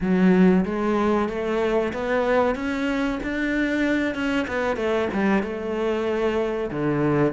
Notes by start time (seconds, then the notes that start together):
0.01 F#3
0.65 G#3
1.29 A3
1.93 B3
2.55 C#4
3.23 D4
4.14 C#4
4.47 B3
4.76 A3
5.13 G3
5.42 A3
6.70 D3